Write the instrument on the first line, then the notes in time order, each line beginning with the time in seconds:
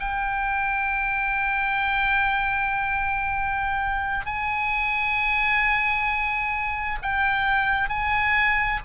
oboe
0.00 G5
4.26 G#5
7.02 G5
7.89 G#5